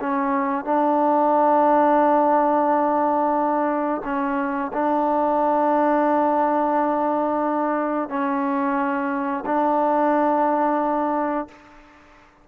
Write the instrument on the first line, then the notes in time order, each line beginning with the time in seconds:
trombone
0.00 C#4
0.65 D4
4.04 C#4
4.73 D4
8.09 C#4
9.46 D4